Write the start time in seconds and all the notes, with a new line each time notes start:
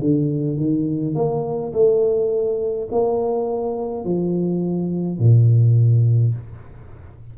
0.00 D3
0.57 D#3
1.15 A#3
1.73 A3
2.92 A#3
4.04 F3
5.19 A#2